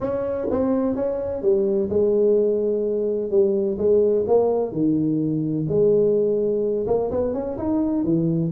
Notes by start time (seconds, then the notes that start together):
0.01 C#4
0.50 C4
0.95 C#4
1.42 G3
1.89 G#3
3.30 G3
3.78 G#3
4.27 A#3
4.72 D#3
5.68 G#3
6.86 A#3
7.10 B3
7.33 C#4
7.57 D#4
8.03 E3